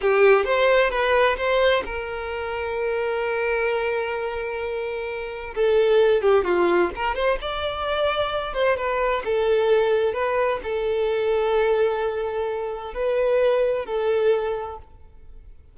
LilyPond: \new Staff \with { instrumentName = "violin" } { \time 4/4 \tempo 4 = 130 g'4 c''4 b'4 c''4 | ais'1~ | ais'1 | a'4. g'8 f'4 ais'8 c''8 |
d''2~ d''8 c''8 b'4 | a'2 b'4 a'4~ | a'1 | b'2 a'2 | }